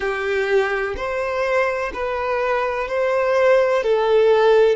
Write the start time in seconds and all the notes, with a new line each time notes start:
0.00 G4
0.96 C5
1.93 B4
2.87 C5
3.83 A4